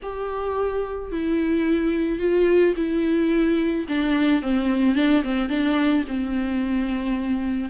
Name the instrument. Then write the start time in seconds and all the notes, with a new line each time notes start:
viola
0.02 G4
1.11 E4
2.19 F4
2.76 E4
3.88 D4
4.42 C4
4.95 D4
5.23 C4
5.49 D4
6.07 C4